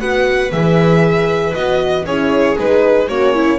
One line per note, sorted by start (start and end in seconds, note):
0.00 0.52 B3
0.00 0.51 F#4
0.00 2.05 B4
0.00 0.52 F#5
0.52 1.55 E3
0.52 1.55 G#4
0.52 1.54 E5
1.54 2.06 B3
1.54 2.06 F#4
1.54 2.06 D#5
2.05 2.57 C#4
2.05 2.57 E4
2.05 3.08 G#4
2.05 2.58 C#5
2.57 3.09 G#3
2.57 3.08 D#4
2.57 3.09 B4
3.09 3.59 A#3
3.09 3.59 C#4
3.09 3.35 F#4
3.09 3.59 C#5
3.35 3.59 E4